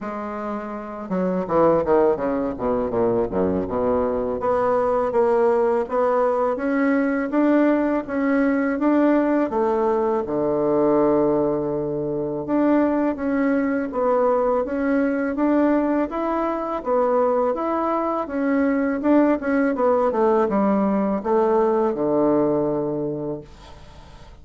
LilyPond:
\new Staff \with { instrumentName = "bassoon" } { \time 4/4 \tempo 4 = 82 gis4. fis8 e8 dis8 cis8 b,8 | ais,8 fis,8 b,4 b4 ais4 | b4 cis'4 d'4 cis'4 | d'4 a4 d2~ |
d4 d'4 cis'4 b4 | cis'4 d'4 e'4 b4 | e'4 cis'4 d'8 cis'8 b8 a8 | g4 a4 d2 | }